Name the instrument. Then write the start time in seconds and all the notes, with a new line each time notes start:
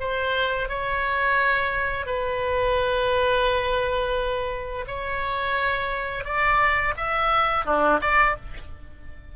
oboe
0.00 C5
0.69 C#5
2.06 B4
4.87 C#5
6.24 D5
6.97 E5
7.65 D4
8.01 D5